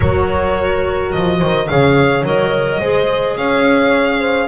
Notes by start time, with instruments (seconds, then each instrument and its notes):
0.00 double bass F#3, clarinet F#4, horn A#4, violin C#5
1.12 double bass F3, violin D#5
1.38 double bass D#3, horn C5
1.67 double bass C#3, clarinet G#4, horn C#5, violin F5
2.23 double bass F#3, clarinet A#4, violin D#5
2.80 double bass G#3, clarinet G#4, horn C5
3.36 double bass C#4, horn C#5, violin F5
4.19 horn C5